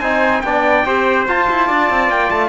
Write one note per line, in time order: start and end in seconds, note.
0.00 0.43 C4
0.00 0.44 D#4
0.00 0.43 C5
0.00 0.42 G#5
0.42 0.86 B3
0.42 0.86 D4
0.42 0.86 D5
0.42 1.25 G5
0.86 1.28 C4
0.86 1.28 G4
0.86 1.67 C5
1.28 2.49 F4
1.28 1.49 F4
1.28 2.11 A5
1.50 1.70 E4
1.67 1.91 D4
1.67 2.49 D5
1.91 2.10 C4
2.10 2.30 A#3
2.10 2.31 G5
2.31 2.49 A3
2.31 2.49 A5